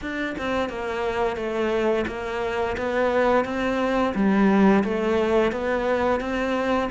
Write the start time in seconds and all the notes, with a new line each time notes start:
0.01 D4
0.38 C4
0.69 A#3
1.36 A3
2.07 A#3
2.77 B3
3.44 C4
4.14 G3
4.83 A3
5.52 B3
6.20 C4